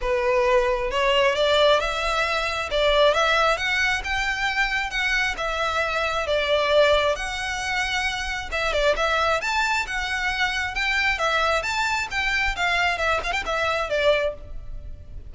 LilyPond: \new Staff \with { instrumentName = "violin" } { \time 4/4 \tempo 4 = 134 b'2 cis''4 d''4 | e''2 d''4 e''4 | fis''4 g''2 fis''4 | e''2 d''2 |
fis''2. e''8 d''8 | e''4 a''4 fis''2 | g''4 e''4 a''4 g''4 | f''4 e''8 f''16 g''16 e''4 d''4 | }